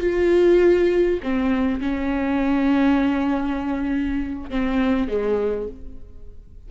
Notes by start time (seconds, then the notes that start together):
0.00 F4
1.23 C4
1.81 C#4
4.50 C4
5.08 G#3